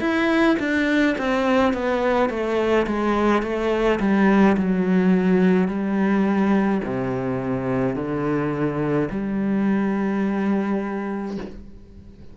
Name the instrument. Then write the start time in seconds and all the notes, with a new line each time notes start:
cello
0.00 E4
0.60 D4
1.18 C4
1.73 B3
2.30 A3
2.87 G#3
3.43 A3
4.00 G3
4.57 F#3
5.68 G3
6.85 C3
7.96 D3
9.11 G3